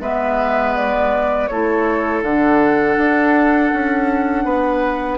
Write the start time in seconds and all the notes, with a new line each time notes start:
0.00 G#3 B3 B4 E5
0.75 D5
1.47 A3 E4 A4 C#5
2.22 D3 D4 F#5
2.97 D4
3.72 C#4
4.44 B3 B4